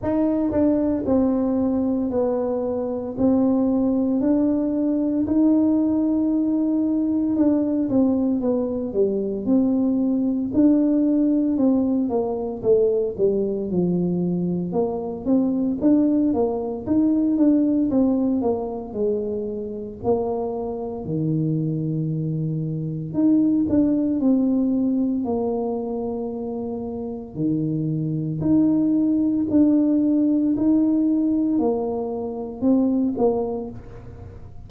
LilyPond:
\new Staff \with { instrumentName = "tuba" } { \time 4/4 \tempo 4 = 57 dis'8 d'8 c'4 b4 c'4 | d'4 dis'2 d'8 c'8 | b8 g8 c'4 d'4 c'8 ais8 | a8 g8 f4 ais8 c'8 d'8 ais8 |
dis'8 d'8 c'8 ais8 gis4 ais4 | dis2 dis'8 d'8 c'4 | ais2 dis4 dis'4 | d'4 dis'4 ais4 c'8 ais8 | }